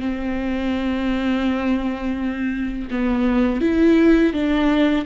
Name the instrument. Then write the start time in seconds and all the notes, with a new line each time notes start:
viola
0.00 C4
2.91 B3
3.61 E4
4.33 D4